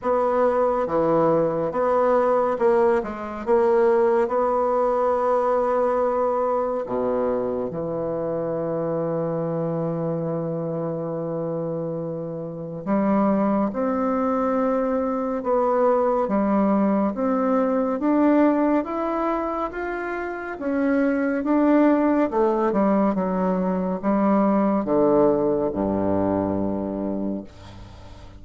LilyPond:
\new Staff \with { instrumentName = "bassoon" } { \time 4/4 \tempo 4 = 70 b4 e4 b4 ais8 gis8 | ais4 b2. | b,4 e2.~ | e2. g4 |
c'2 b4 g4 | c'4 d'4 e'4 f'4 | cis'4 d'4 a8 g8 fis4 | g4 d4 g,2 | }